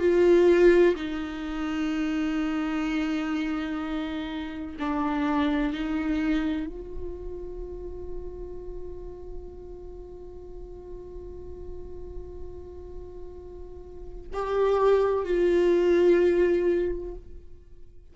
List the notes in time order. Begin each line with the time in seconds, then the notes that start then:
0.00 F4
0.96 D#4
4.80 D4
5.73 D#4
6.67 F4
14.33 G4
15.24 F4